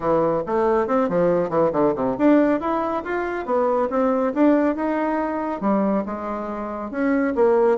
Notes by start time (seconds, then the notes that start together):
0.00 E3
0.46 A3
0.87 C4
1.08 F3
1.49 E3
1.72 D3
1.95 C3
2.17 D4
2.60 E4
3.04 F4
3.45 B3
3.90 C4
4.34 D4
4.75 D#4
5.61 G3
6.05 G#3
6.91 C#4
7.35 A#3